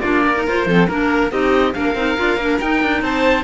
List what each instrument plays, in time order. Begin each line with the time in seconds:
0.00 cello A#3, clarinet D4, violin F4, oboe D5
0.26 violin A#4
0.35 clarinet D#4
0.47 cello F4, clarinet F4, oboe C5
0.66 cello F3, clarinet C4, violin A4
0.88 cello A#3, clarinet D4, oboe A#4, violin A#4
1.31 cello C4, clarinet D#4, violin G4, oboe D#5
1.73 cello A#3, clarinet D4, violin A#4, oboe F5
1.94 cello C4, clarinet D#4
2.17 cello D4, clarinet F4
2.37 cello A#3, clarinet D4
2.59 clarinet D#4, cello D#4, oboe G5
2.82 cello D4
3.02 cello C4, violin C5, oboe A5